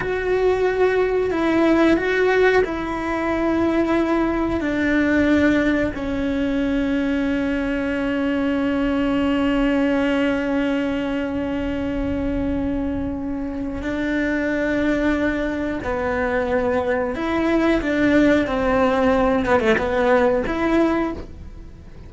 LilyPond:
\new Staff \with { instrumentName = "cello" } { \time 4/4 \tempo 4 = 91 fis'2 e'4 fis'4 | e'2. d'4~ | d'4 cis'2.~ | cis'1~ |
cis'1~ | cis'4 d'2. | b2 e'4 d'4 | c'4. b16 a16 b4 e'4 | }